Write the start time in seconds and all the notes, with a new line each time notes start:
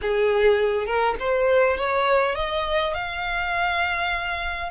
0.01 G#4
0.86 A#4
1.19 C5
1.77 C#5
2.35 D#5
2.94 F5